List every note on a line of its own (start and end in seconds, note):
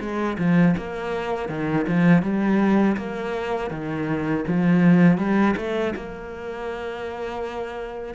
0.00 0.37 G#3
0.38 0.75 F3
0.77 1.49 A#3
1.49 1.86 D#3
1.87 2.22 F3
2.22 2.96 G3
2.97 3.70 A#3
3.70 4.44 D#3
4.47 5.18 F3
5.18 5.55 G3
5.57 5.94 A3
5.95 8.14 A#3